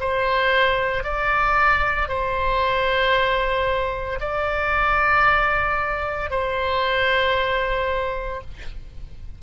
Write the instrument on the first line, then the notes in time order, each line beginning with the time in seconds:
oboe
0.00 C5
1.04 D5
2.09 C5
4.21 D5
6.31 C5